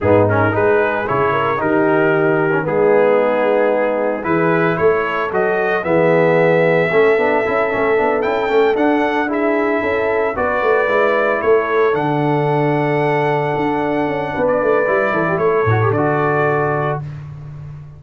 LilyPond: <<
  \new Staff \with { instrumentName = "trumpet" } { \time 4/4 \tempo 4 = 113 gis'8 ais'8 b'4 cis''4 ais'4~ | ais'4 gis'2. | b'4 cis''4 dis''4 e''4~ | e''2.~ e''8 g''8~ |
g''8 fis''4 e''2 d''8~ | d''4. cis''4 fis''4.~ | fis''2.~ fis''16 d''8.~ | d''4 cis''4 d''2 | }
  \new Staff \with { instrumentName = "horn" } { \time 4/4 dis'4 gis'4. ais'8 g'4~ | g'4 dis'2. | gis'4 a'2 gis'4~ | gis'4 a'2.~ |
a'4. gis'4 a'4 b'8~ | b'4. a'2~ a'8~ | a'2. b'4~ | b'8 a'16 g'16 a'2. | }
  \new Staff \with { instrumentName = "trombone" } { \time 4/4 b8 cis'8 dis'4 e'4 dis'4~ | dis'8. cis'16 b2. | e'2 fis'4 b4~ | b4 cis'8 d'8 e'8 cis'8 d'8 e'8 |
cis'8 d'4 e'2 fis'8~ | fis'8 e'2 d'4.~ | d'1 | e'4. fis'16 g'16 fis'2 | }
  \new Staff \with { instrumentName = "tuba" } { \time 4/4 gis,4 gis4 cis4 dis4~ | dis4 gis2. | e4 a4 fis4 e4~ | e4 a8 b8 cis'8 a8 b8 cis'8 |
a8 d'2 cis'4 b8 | a8 gis4 a4 d4.~ | d4. d'4 cis'8 b8 a8 | g8 e8 a8 a,8 d2 | }
>>